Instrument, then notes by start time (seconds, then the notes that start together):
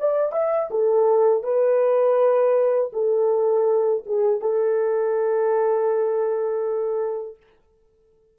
horn
0.00 D5
0.32 E5
0.71 A4
1.43 B4
2.93 A4
4.06 G#4
4.41 A4